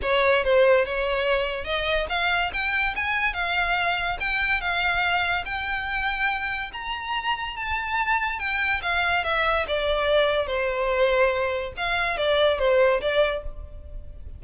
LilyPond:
\new Staff \with { instrumentName = "violin" } { \time 4/4 \tempo 4 = 143 cis''4 c''4 cis''2 | dis''4 f''4 g''4 gis''4 | f''2 g''4 f''4~ | f''4 g''2. |
ais''2 a''2 | g''4 f''4 e''4 d''4~ | d''4 c''2. | f''4 d''4 c''4 d''4 | }